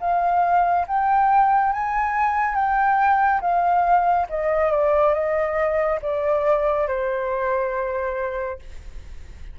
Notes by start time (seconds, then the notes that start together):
0.00 F5
0.87 G5
1.73 G#5
2.55 G5
3.41 F5
4.30 D#5
4.71 D5
5.14 D#5
6.02 D5
6.88 C5